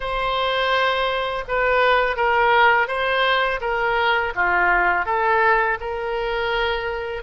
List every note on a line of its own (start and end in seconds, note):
0.00 1.44 C5
1.48 2.16 B4
2.16 2.87 A#4
2.87 3.59 C5
3.60 4.33 A#4
4.35 5.05 F4
5.05 5.78 A4
5.80 7.23 A#4